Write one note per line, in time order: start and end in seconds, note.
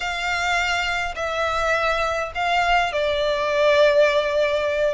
0.00 1.14 F5
1.15 2.31 E5
2.35 2.92 F5
2.92 4.94 D5